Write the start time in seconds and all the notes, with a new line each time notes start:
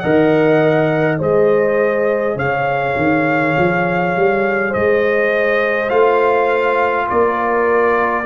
0.00 D#3 A#4 D#5 F#5
1.20 G#3 G#4 C5 D#5
2.36 C#3 C#5 F5
2.97 D#3
3.58 F3
4.17 G3
4.70 C5 D#5
4.76 G#3
5.89 A3 F4 F5
7.08 A#3 A#4 D5